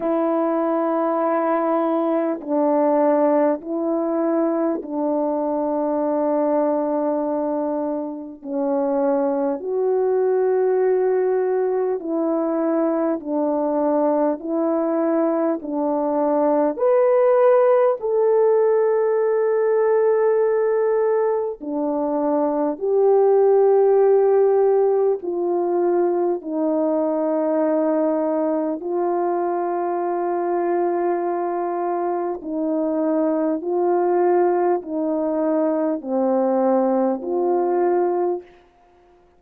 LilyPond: \new Staff \with { instrumentName = "horn" } { \time 4/4 \tempo 4 = 50 e'2 d'4 e'4 | d'2. cis'4 | fis'2 e'4 d'4 | e'4 d'4 b'4 a'4~ |
a'2 d'4 g'4~ | g'4 f'4 dis'2 | f'2. dis'4 | f'4 dis'4 c'4 f'4 | }